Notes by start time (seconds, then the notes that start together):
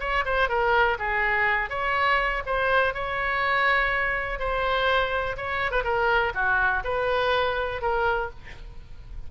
0.00 C#5
0.25 C5
0.49 A#4
0.99 G#4
1.69 C#5
2.46 C5
2.94 C#5
4.39 C5
5.37 C#5
5.71 B4
5.84 A#4
6.34 F#4
6.84 B4
7.81 A#4